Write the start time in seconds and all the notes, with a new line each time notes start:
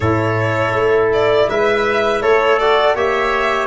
0.00 A2 E4 A4 C#5
0.73 A3
1.12 D5
1.49 G#3 B4 E5
2.22 A3 A4 C#5
2.58 F#4 D5
2.95 A#3 G4 C#5 E5